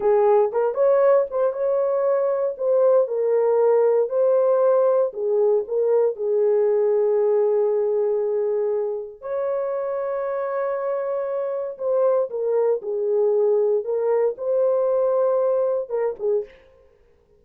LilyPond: \new Staff \with { instrumentName = "horn" } { \time 4/4 \tempo 4 = 117 gis'4 ais'8 cis''4 c''8 cis''4~ | cis''4 c''4 ais'2 | c''2 gis'4 ais'4 | gis'1~ |
gis'2 cis''2~ | cis''2. c''4 | ais'4 gis'2 ais'4 | c''2. ais'8 gis'8 | }